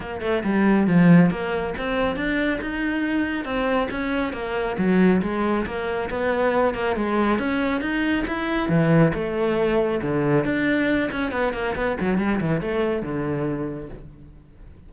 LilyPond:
\new Staff \with { instrumentName = "cello" } { \time 4/4 \tempo 4 = 138 ais8 a8 g4 f4 ais4 | c'4 d'4 dis'2 | c'4 cis'4 ais4 fis4 | gis4 ais4 b4. ais8 |
gis4 cis'4 dis'4 e'4 | e4 a2 d4 | d'4. cis'8 b8 ais8 b8 fis8 | g8 e8 a4 d2 | }